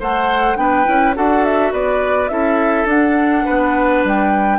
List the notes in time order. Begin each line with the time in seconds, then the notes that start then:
0.00 A3 A4 C5 F#5
0.56 B3 D4 B4 G5
0.85 C#4 E4
1.16 D4 F#4 A4 F#5
1.44 E5
1.73 B3 B4 D5
2.29 C#4 E4 A4 E5
2.85 D4 F#5
3.45 B3 B4
4.05 G3 G5